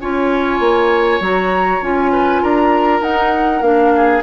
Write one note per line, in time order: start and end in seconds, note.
0.00 0.59 C#4
0.00 1.22 F4
0.00 2.12 C#5
0.00 1.21 G#5
0.59 1.20 A#3
1.20 1.81 F#3
1.20 1.81 F#4
1.20 1.83 A#5
1.81 2.42 C#4
1.81 3.02 F4
1.81 2.44 G#5
2.12 2.42 B4
2.42 3.01 D4
2.42 3.94 A#4
2.42 3.03 A#5
3.01 3.61 D#4
3.01 3.62 D#4
3.01 3.62 F#5
3.61 4.22 A#3
3.61 4.23 D4
3.61 4.22 F5
3.95 4.23 G#4